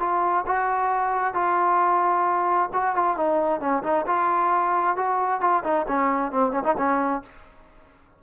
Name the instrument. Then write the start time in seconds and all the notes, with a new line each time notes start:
trombone
0.00 F4
0.47 F#4
1.34 F4
2.73 F#4
2.96 F4
3.17 D#4
3.60 C#4
3.83 D#4
4.07 F4
4.97 F#4
5.41 F4
5.64 D#4
5.88 C#4
6.32 C4
6.52 C#4
6.64 D#4
6.78 C#4